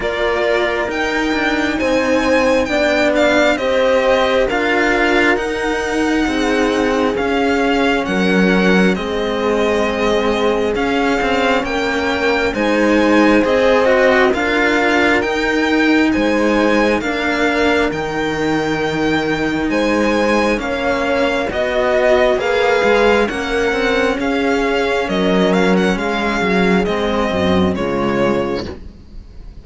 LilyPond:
<<
  \new Staff \with { instrumentName = "violin" } { \time 4/4 \tempo 4 = 67 d''4 g''4 gis''4 g''8 f''8 | dis''4 f''4 fis''2 | f''4 fis''4 dis''2 | f''4 g''4 gis''4 dis''4 |
f''4 g''4 gis''4 f''4 | g''2 gis''4 f''4 | dis''4 f''4 fis''4 f''4 | dis''8 f''16 fis''16 f''4 dis''4 cis''4 | }
  \new Staff \with { instrumentName = "horn" } { \time 4/4 ais'2 c''4 d''4 | c''4 ais'2 gis'4~ | gis'4 ais'4 gis'2~ | gis'4 ais'4 c''2 |
ais'2 c''4 ais'4~ | ais'2 c''4 cis''4 | dis''4 b'4 ais'4 gis'4 | ais'4 gis'4. fis'8 f'4 | }
  \new Staff \with { instrumentName = "cello" } { \time 4/4 f'4 dis'2 d'4 | g'4 f'4 dis'2 | cis'2 c'2 | cis'2 dis'4 gis'8 fis'8 |
f'4 dis'2 d'4 | dis'2. cis'4 | fis'4 gis'4 cis'2~ | cis'2 c'4 gis4 | }
  \new Staff \with { instrumentName = "cello" } { \time 4/4 ais4 dis'8 d'8 c'4 b4 | c'4 d'4 dis'4 c'4 | cis'4 fis4 gis2 | cis'8 c'8 ais4 gis4 c'4 |
d'4 dis'4 gis4 ais4 | dis2 gis4 ais4 | b4 ais8 gis8 ais8 c'8 cis'4 | fis4 gis8 fis8 gis8 fis,8 cis4 | }
>>